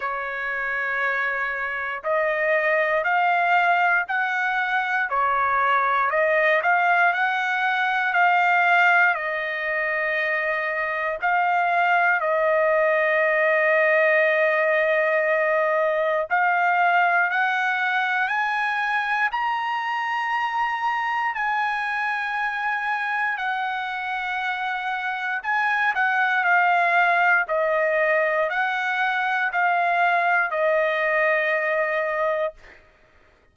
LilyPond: \new Staff \with { instrumentName = "trumpet" } { \time 4/4 \tempo 4 = 59 cis''2 dis''4 f''4 | fis''4 cis''4 dis''8 f''8 fis''4 | f''4 dis''2 f''4 | dis''1 |
f''4 fis''4 gis''4 ais''4~ | ais''4 gis''2 fis''4~ | fis''4 gis''8 fis''8 f''4 dis''4 | fis''4 f''4 dis''2 | }